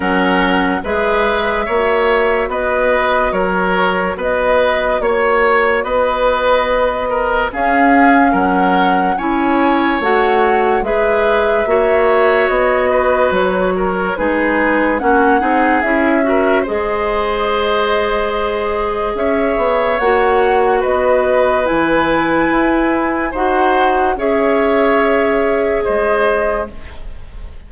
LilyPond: <<
  \new Staff \with { instrumentName = "flute" } { \time 4/4 \tempo 4 = 72 fis''4 e''2 dis''4 | cis''4 dis''4 cis''4 dis''4~ | dis''4 f''4 fis''4 gis''4 | fis''4 e''2 dis''4 |
cis''4 b'4 fis''4 e''4 | dis''2. e''4 | fis''4 dis''4 gis''2 | fis''4 e''2 dis''4 | }
  \new Staff \with { instrumentName = "oboe" } { \time 4/4 ais'4 b'4 cis''4 b'4 | ais'4 b'4 cis''4 b'4~ | b'8 ais'8 gis'4 ais'4 cis''4~ | cis''4 b'4 cis''4. b'8~ |
b'8 ais'8 gis'4 fis'8 gis'4 ais'8 | c''2. cis''4~ | cis''4 b'2. | c''4 cis''2 c''4 | }
  \new Staff \with { instrumentName = "clarinet" } { \time 4/4 cis'4 gis'4 fis'2~ | fis'1~ | fis'4 cis'2 e'4 | fis'4 gis'4 fis'2~ |
fis'4 dis'4 cis'8 dis'8 e'8 fis'8 | gis'1 | fis'2 e'2 | fis'4 gis'2. | }
  \new Staff \with { instrumentName = "bassoon" } { \time 4/4 fis4 gis4 ais4 b4 | fis4 b4 ais4 b4~ | b4 cis'4 fis4 cis'4 | a4 gis4 ais4 b4 |
fis4 gis4 ais8 c'8 cis'4 | gis2. cis'8 b8 | ais4 b4 e4 e'4 | dis'4 cis'2 gis4 | }
>>